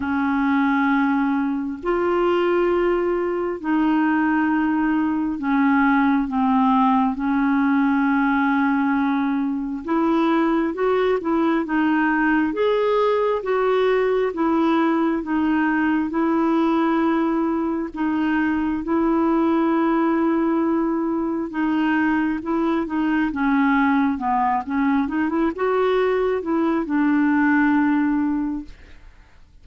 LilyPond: \new Staff \with { instrumentName = "clarinet" } { \time 4/4 \tempo 4 = 67 cis'2 f'2 | dis'2 cis'4 c'4 | cis'2. e'4 | fis'8 e'8 dis'4 gis'4 fis'4 |
e'4 dis'4 e'2 | dis'4 e'2. | dis'4 e'8 dis'8 cis'4 b8 cis'8 | dis'16 e'16 fis'4 e'8 d'2 | }